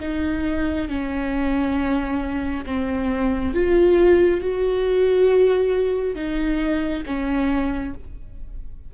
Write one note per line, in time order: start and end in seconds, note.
0.00 0.88 D#4
0.88 2.65 C#4
2.66 3.54 C4
3.54 4.41 F4
4.41 6.15 F#4
6.15 7.03 D#4
7.05 7.94 C#4